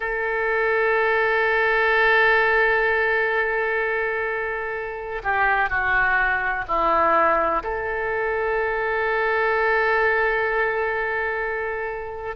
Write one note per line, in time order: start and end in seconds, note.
0.00 5.22 A4
5.23 5.69 G4
5.69 6.65 F#4
6.67 7.62 E4
7.63 12.35 A4